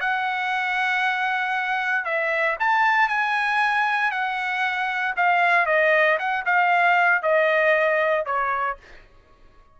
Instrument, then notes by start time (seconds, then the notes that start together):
trumpet
0.00 F#5
2.04 E5
2.59 A5
3.08 G#5
4.11 F#5
5.16 F5
5.66 D#5
6.18 F#5
6.45 F5
7.22 D#5
8.25 C#5